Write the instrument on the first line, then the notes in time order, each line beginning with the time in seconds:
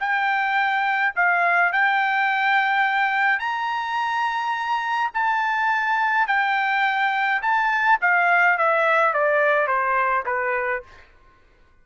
trumpet
0.00 G5
1.16 F5
1.73 G5
3.39 A#5
5.14 A5
6.28 G5
7.42 A5
8.01 F5
8.58 E5
9.14 D5
9.67 C5
10.26 B4